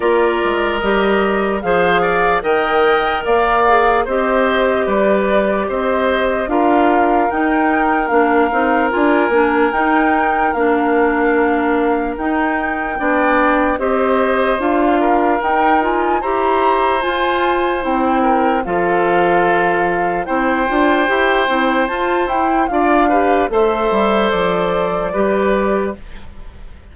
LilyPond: <<
  \new Staff \with { instrumentName = "flute" } { \time 4/4 \tempo 4 = 74 d''4 dis''4 f''4 g''4 | f''4 dis''4 d''4 dis''4 | f''4 g''4 f''4 gis''4 | g''4 f''2 g''4~ |
g''4 dis''4 f''4 g''8 gis''8 | ais''4 gis''4 g''4 f''4~ | f''4 g''2 a''8 g''8 | f''4 e''4 d''2 | }
  \new Staff \with { instrumentName = "oboe" } { \time 4/4 ais'2 c''8 d''8 dis''4 | d''4 c''4 b'4 c''4 | ais'1~ | ais'1 |
d''4 c''4. ais'4. | c''2~ c''8 ais'8 a'4~ | a'4 c''2. | d''8 b'8 c''2 b'4 | }
  \new Staff \with { instrumentName = "clarinet" } { \time 4/4 f'4 g'4 gis'4 ais'4~ | ais'8 gis'8 g'2. | f'4 dis'4 d'8 dis'8 f'8 d'8 | dis'4 d'2 dis'4 |
d'4 g'4 f'4 dis'8 f'8 | g'4 f'4 e'4 f'4~ | f'4 e'8 f'8 g'8 e'8 f'8 e'8 | f'8 g'8 a'2 g'4 | }
  \new Staff \with { instrumentName = "bassoon" } { \time 4/4 ais8 gis8 g4 f4 dis4 | ais4 c'4 g4 c'4 | d'4 dis'4 ais8 c'8 d'8 ais8 | dis'4 ais2 dis'4 |
b4 c'4 d'4 dis'4 | e'4 f'4 c'4 f4~ | f4 c'8 d'8 e'8 c'8 f'8 e'8 | d'4 a8 g8 f4 g4 | }
>>